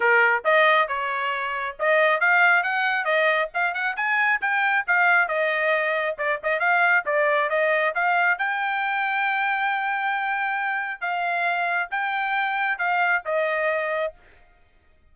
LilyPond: \new Staff \with { instrumentName = "trumpet" } { \time 4/4 \tempo 4 = 136 ais'4 dis''4 cis''2 | dis''4 f''4 fis''4 dis''4 | f''8 fis''8 gis''4 g''4 f''4 | dis''2 d''8 dis''8 f''4 |
d''4 dis''4 f''4 g''4~ | g''1~ | g''4 f''2 g''4~ | g''4 f''4 dis''2 | }